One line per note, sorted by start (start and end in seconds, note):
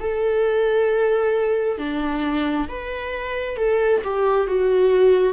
0.00 1.78 A4
1.78 2.68 D4
2.68 3.57 B4
3.57 4.02 A4
4.04 4.47 G4
4.47 5.33 F#4